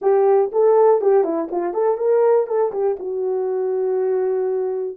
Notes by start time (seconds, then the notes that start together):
0.01 G4
0.52 A4
1.01 G4
1.24 E4
1.51 F4
1.73 A4
1.97 A#4
2.47 A4
2.72 G4
2.99 F#4